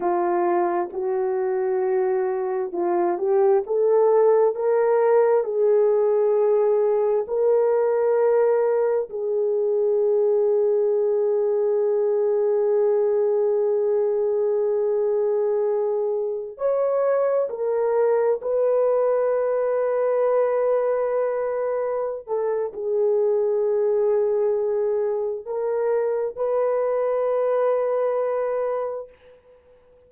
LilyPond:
\new Staff \with { instrumentName = "horn" } { \time 4/4 \tempo 4 = 66 f'4 fis'2 f'8 g'8 | a'4 ais'4 gis'2 | ais'2 gis'2~ | gis'1~ |
gis'2~ gis'16 cis''4 ais'8.~ | ais'16 b'2.~ b'8.~ | b'8 a'8 gis'2. | ais'4 b'2. | }